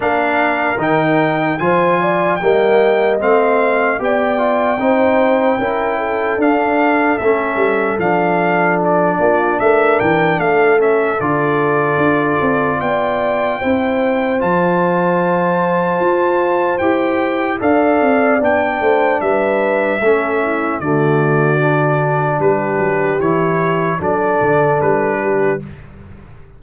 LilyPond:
<<
  \new Staff \with { instrumentName = "trumpet" } { \time 4/4 \tempo 4 = 75 f''4 g''4 gis''4 g''4 | f''4 g''2. | f''4 e''4 f''4 d''4 | e''8 g''8 f''8 e''8 d''2 |
g''2 a''2~ | a''4 g''4 f''4 g''4 | e''2 d''2 | b'4 cis''4 d''4 b'4 | }
  \new Staff \with { instrumentName = "horn" } { \time 4/4 ais'2 c''8 d''8 dis''4~ | dis''4 d''4 c''4 ais'8 a'8~ | a'2.~ a'8 f'8 | ais'4 a'2. |
d''4 c''2.~ | c''2 d''4. c''8 | b'4 a'8 e'8 fis'2 | g'2 a'4. g'8 | }
  \new Staff \with { instrumentName = "trombone" } { \time 4/4 d'4 dis'4 f'4 ais4 | c'4 g'8 f'8 dis'4 e'4 | d'4 cis'4 d'2~ | d'4. cis'8 f'2~ |
f'4 e'4 f'2~ | f'4 g'4 a'4 d'4~ | d'4 cis'4 a4 d'4~ | d'4 e'4 d'2 | }
  \new Staff \with { instrumentName = "tuba" } { \time 4/4 ais4 dis4 f4 g4 | a4 b4 c'4 cis'4 | d'4 a8 g8 f4. ais8 | a8 e8 a4 d4 d'8 c'8 |
b4 c'4 f2 | f'4 e'4 d'8 c'8 b8 a8 | g4 a4 d2 | g8 fis8 e4 fis8 d8 g4 | }
>>